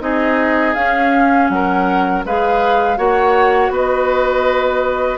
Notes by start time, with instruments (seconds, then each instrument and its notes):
0.00 bassoon C4, clarinet D#4, oboe G#4, flute D#5
0.74 bassoon C#4, clarinet C#4, flute F5
1.49 bassoon F#3, oboe A#4, flute F#5
2.24 bassoon G#3, clarinet G#4, oboe B4, flute F5
2.96 bassoon A#3, clarinet F#4, oboe C#5, flute F#5
3.69 bassoon B3, oboe B4
3.76 flute D#5